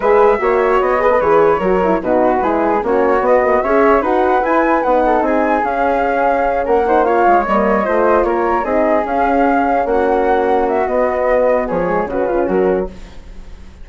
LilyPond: <<
  \new Staff \with { instrumentName = "flute" } { \time 4/4 \tempo 4 = 149 e''2 dis''4 cis''4~ | cis''4 b'2 cis''4 | dis''4 e''4 fis''4 gis''4 | fis''4 gis''4 f''2~ |
f''8 fis''4 f''4 dis''4.~ | dis''8 cis''4 dis''4 f''4.~ | f''8 fis''2 e''8 dis''4~ | dis''4 cis''4 b'4 ais'4 | }
  \new Staff \with { instrumentName = "flute" } { \time 4/4 b'4 cis''4. b'4. | ais'4 fis'4 gis'4 fis'4~ | fis'4 cis''4 b'2~ | b'8 a'8 gis'2.~ |
gis'8 ais'8 c''8 cis''2 c''8~ | c''8 ais'4 gis'2~ gis'8~ | gis'8 fis'2.~ fis'8~ | fis'4 gis'4 fis'8 f'8 fis'4 | }
  \new Staff \with { instrumentName = "horn" } { \time 4/4 gis'4 fis'4. gis'16 a'16 gis'4 | fis'8 e'8 dis'4 e'4 cis'4 | b8 ais8 gis'4 fis'4 e'4 | dis'2 cis'2~ |
cis'4 dis'8 f'4 ais4 f'8~ | f'4. dis'4 cis'4.~ | cis'2. b4~ | b4. gis8 cis'2 | }
  \new Staff \with { instrumentName = "bassoon" } { \time 4/4 gis4 ais4 b4 e4 | fis4 b,4 gis4 ais4 | b4 cis'4 dis'4 e'4 | b4 c'4 cis'2~ |
cis'8 ais4. gis8 g4 a8~ | a8 ais4 c'4 cis'4.~ | cis'8 ais2~ ais8 b4~ | b4 f4 cis4 fis4 | }
>>